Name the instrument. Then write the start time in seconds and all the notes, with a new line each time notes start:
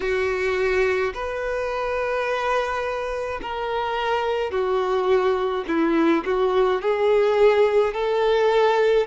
violin
0.00 F#4
1.14 B4
3.42 A#4
4.51 F#4
5.67 E4
6.25 F#4
6.81 G#4
7.93 A4